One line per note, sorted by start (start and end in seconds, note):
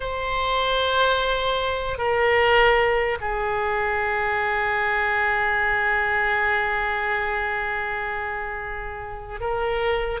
0.00 1.98 C5
1.98 3.18 A#4
3.20 9.40 G#4
9.40 10.20 A#4